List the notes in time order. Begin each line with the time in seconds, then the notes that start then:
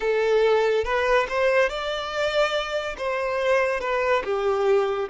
0.00 A4
0.84 B4
1.29 C5
1.69 D5
2.97 C5
3.80 B4
4.24 G4